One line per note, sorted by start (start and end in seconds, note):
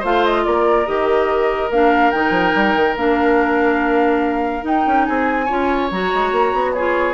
0.00 0.46 A3
0.00 0.86 F4
0.00 0.42 C5
0.00 0.25 F5
0.25 0.45 D#5
0.45 0.88 A#3
0.45 5.08 A#4
0.45 0.87 D5
0.86 1.70 D#3
0.86 1.70 G4
0.86 1.71 D#5
1.70 2.12 A#3
1.70 2.15 D4
1.70 2.11 F5
2.11 2.31 D#3
2.11 2.97 D#4
2.11 2.95 G5
2.31 2.52 F3
2.55 2.76 G3
2.76 2.97 D#3
2.97 4.64 A#3
2.97 4.62 D4
2.97 4.65 F5
4.62 5.46 D#4
4.62 4.85 D#4
4.62 5.05 G5
4.87 5.08 C#4
5.05 5.50 C4
5.05 5.46 G#4
5.05 5.89 G#5
5.46 5.91 C#4
5.46 5.91 F4
5.46 6.71 C#5
5.91 6.12 F#3
5.91 6.76 F#4
5.91 6.73 A#5
6.14 6.32 G#3
6.32 6.53 A#3
6.53 7.14 B3
6.73 7.14 F4
6.73 7.14 G#4
6.73 7.14 C#5